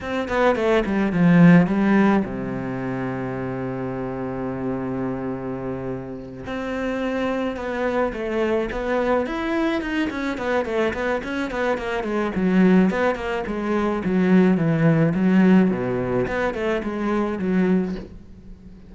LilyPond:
\new Staff \with { instrumentName = "cello" } { \time 4/4 \tempo 4 = 107 c'8 b8 a8 g8 f4 g4 | c1~ | c2.~ c8 c'8~ | c'4. b4 a4 b8~ |
b8 e'4 dis'8 cis'8 b8 a8 b8 | cis'8 b8 ais8 gis8 fis4 b8 ais8 | gis4 fis4 e4 fis4 | b,4 b8 a8 gis4 fis4 | }